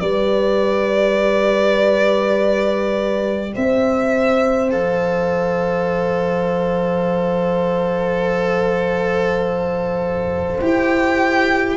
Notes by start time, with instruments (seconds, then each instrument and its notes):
0.00 tuba G3, cello G4, horn B4, violin D5
3.55 tuba C4, horn C5, violin E5
4.71 tuba F3, cello A4, violin F5
10.61 tuba E4, cello G4, violin G5